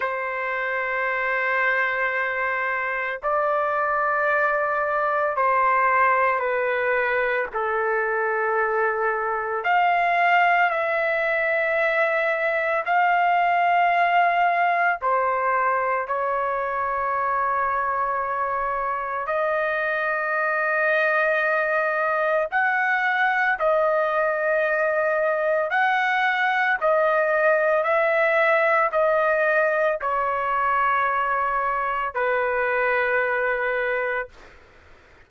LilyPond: \new Staff \with { instrumentName = "trumpet" } { \time 4/4 \tempo 4 = 56 c''2. d''4~ | d''4 c''4 b'4 a'4~ | a'4 f''4 e''2 | f''2 c''4 cis''4~ |
cis''2 dis''2~ | dis''4 fis''4 dis''2 | fis''4 dis''4 e''4 dis''4 | cis''2 b'2 | }